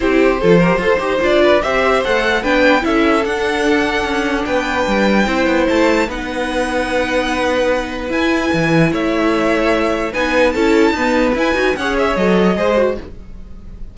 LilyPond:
<<
  \new Staff \with { instrumentName = "violin" } { \time 4/4 \tempo 4 = 148 c''2. d''4 | e''4 fis''4 g''4 e''4 | fis''2. g''4~ | g''2 a''4 fis''4~ |
fis''1 | gis''2 e''2~ | e''4 gis''4 a''2 | gis''4 fis''8 e''8 dis''2 | }
  \new Staff \with { instrumentName = "violin" } { \time 4/4 g'4 a'8 ais'8 c''4. b'8 | c''2 b'4 a'4~ | a'2. b'4~ | b'4 c''2 b'4~ |
b'1~ | b'2 cis''2~ | cis''4 b'4 a'4 b'4~ | b'4 cis''2 c''4 | }
  \new Staff \with { instrumentName = "viola" } { \time 4/4 e'4 f'8 g'8 a'8 g'8 f'4 | g'4 a'4 d'4 e'4 | d'1~ | d'4 e'2 dis'4~ |
dis'1 | e'1~ | e'4 dis'4 e'4 b4 | e'8 fis'8 gis'4 a'4 gis'8 fis'8 | }
  \new Staff \with { instrumentName = "cello" } { \time 4/4 c'4 f4 f'8 dis'8 d'4 | c'4 a4 b4 cis'4 | d'2 cis'4 b4 | g4 c'8 b8 a4 b4~ |
b1 | e'4 e4 a2~ | a4 b4 cis'4 dis'4 | e'8 dis'8 cis'4 fis4 gis4 | }
>>